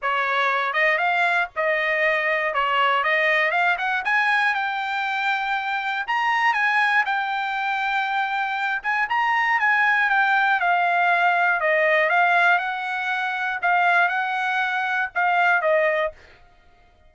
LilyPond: \new Staff \with { instrumentName = "trumpet" } { \time 4/4 \tempo 4 = 119 cis''4. dis''8 f''4 dis''4~ | dis''4 cis''4 dis''4 f''8 fis''8 | gis''4 g''2. | ais''4 gis''4 g''2~ |
g''4. gis''8 ais''4 gis''4 | g''4 f''2 dis''4 | f''4 fis''2 f''4 | fis''2 f''4 dis''4 | }